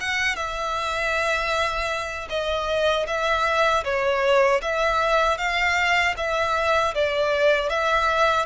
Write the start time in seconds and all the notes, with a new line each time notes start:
0.00 F#5
0.35 E5
2.29 D#5
3.07 E5
3.84 C#5
4.62 E5
5.37 F5
6.17 E5
6.94 D5
7.69 E5